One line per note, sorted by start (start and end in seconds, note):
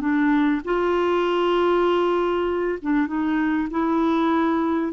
0.00 0.61 D4
0.64 2.79 F4
2.82 3.07 D4
3.07 3.68 D#4
3.70 4.92 E4